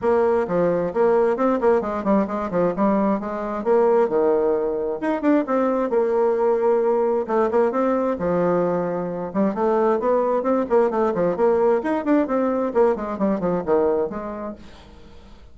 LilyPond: \new Staff \with { instrumentName = "bassoon" } { \time 4/4 \tempo 4 = 132 ais4 f4 ais4 c'8 ais8 | gis8 g8 gis8 f8 g4 gis4 | ais4 dis2 dis'8 d'8 | c'4 ais2. |
a8 ais8 c'4 f2~ | f8 g8 a4 b4 c'8 ais8 | a8 f8 ais4 dis'8 d'8 c'4 | ais8 gis8 g8 f8 dis4 gis4 | }